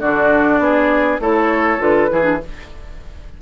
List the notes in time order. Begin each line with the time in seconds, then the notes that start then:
0.00 D3 D4 F#4 D5
0.59 B3 G#4
1.20 A3 E4 A4 C#5
1.79 D3 F4 B4
2.10 E3 E4 G#4
2.23 D4